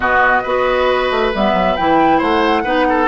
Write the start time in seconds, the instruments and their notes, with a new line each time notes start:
0.00 bassoon B2, clarinet B3, oboe F#4, flute D#5
0.42 bassoon B3, clarinet F#4, oboe B4
1.10 bassoon A3
1.34 bassoon G3, clarinet B3, flute E5
1.53 bassoon F#3
1.76 bassoon E3, clarinet E4, flute G5
2.18 bassoon A3, oboe C5, flute F#5
2.63 bassoon B3, clarinet D#4, oboe B4
2.89 oboe A4